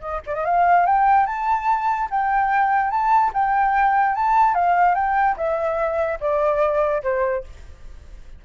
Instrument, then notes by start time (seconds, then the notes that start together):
flute
0.00 D#5
0.26 D5
0.34 D#5
0.45 F5
0.86 G5
1.26 A5
2.10 G5
2.90 A5
3.34 G5
4.15 A5
4.54 F5
4.94 G5
5.36 E5
6.20 D5
7.03 C5